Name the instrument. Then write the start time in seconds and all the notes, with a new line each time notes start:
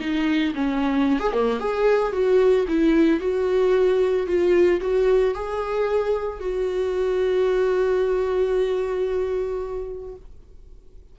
viola
0.00 D#4
0.55 C#4
1.19 G#4
1.33 A#3
1.59 G#4
2.13 F#4
2.68 E4
3.20 F#4
4.27 F4
4.81 F#4
5.34 G#4
6.40 F#4